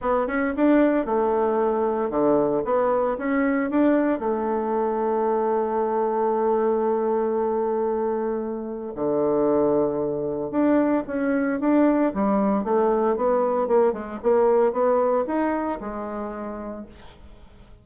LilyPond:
\new Staff \with { instrumentName = "bassoon" } { \time 4/4 \tempo 4 = 114 b8 cis'8 d'4 a2 | d4 b4 cis'4 d'4 | a1~ | a1~ |
a4 d2. | d'4 cis'4 d'4 g4 | a4 b4 ais8 gis8 ais4 | b4 dis'4 gis2 | }